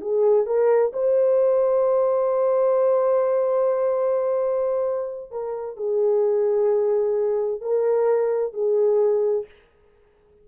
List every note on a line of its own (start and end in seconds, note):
0.00 0.46 G#4
0.46 0.92 A#4
0.93 5.31 C5
5.31 5.76 A#4
5.76 7.61 G#4
7.61 8.53 A#4
8.53 9.45 G#4